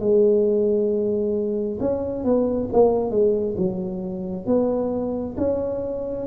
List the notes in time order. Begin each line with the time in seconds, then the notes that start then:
0.00 G#3
1.80 C#4
2.24 B3
2.73 A#3
3.11 G#3
3.58 F#3
4.47 B3
5.37 C#4